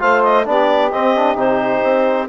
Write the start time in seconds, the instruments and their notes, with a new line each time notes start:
0.00 bassoon A3, trombone F4, saxophone C5, clarinet F5
0.23 clarinet D#5
0.45 bassoon B3, trombone D4, saxophone G4, clarinet D5
0.91 bassoon C4, trombone C4, clarinet D#5
1.16 trombone D4
1.35 bassoon C3, trombone D#4, clarinet C5
1.83 bassoon C4